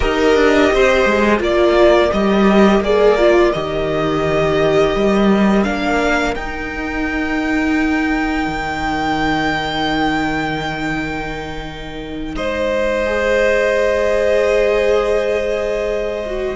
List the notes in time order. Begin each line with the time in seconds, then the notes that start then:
0.00 D#4 G4 A#4 D#5
0.35 D4
0.72 C4 C5
1.05 G#3
1.38 A#3 F4 A#4 D5
2.12 G3 G4 D#5
2.79 A#3 G#4 D5
3.18 F4
3.52 D#3 G4 D#5
4.95 G3
5.63 A#3 D4 F5
6.35 D#4 G5
8.47 D#3
12.35 G#3 C5 D#5
13.05 G#4
16.25 F#4